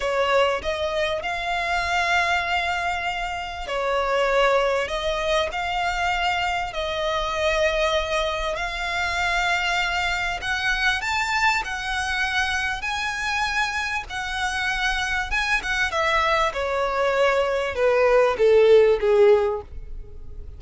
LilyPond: \new Staff \with { instrumentName = "violin" } { \time 4/4 \tempo 4 = 98 cis''4 dis''4 f''2~ | f''2 cis''2 | dis''4 f''2 dis''4~ | dis''2 f''2~ |
f''4 fis''4 a''4 fis''4~ | fis''4 gis''2 fis''4~ | fis''4 gis''8 fis''8 e''4 cis''4~ | cis''4 b'4 a'4 gis'4 | }